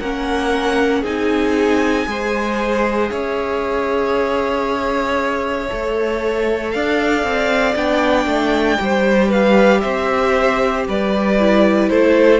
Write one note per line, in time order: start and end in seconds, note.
0.00 1.03 A#3
0.00 1.05 C#4
0.00 1.02 A#4
0.00 1.04 F#5
1.02 2.06 C4
1.02 2.06 D#4
1.02 2.05 G#4
1.02 3.11 G#5
2.06 3.11 G#3
2.06 5.68 G#4
2.06 3.11 C5
3.11 5.70 C#4
3.11 6.73 C#5
3.11 6.71 E5
5.69 6.75 A3
5.69 7.75 A4
6.71 7.23 D4
6.71 8.81 D5
6.71 7.75 F5
7.23 7.75 C4
7.75 8.26 B3
7.75 8.78 D4
7.75 9.31 G5
8.26 8.78 A3
8.78 9.84 G3
8.78 11.37 G4
8.78 9.29 C5
9.29 9.81 B4
9.29 9.81 F5
9.81 10.88 C4
9.81 10.86 C5
9.81 10.84 E5
10.88 11.91 G3
10.88 11.90 B4
10.88 11.89 D5
11.39 12.40 E4
11.89 12.40 A3
11.89 12.40 A4
11.89 12.40 C5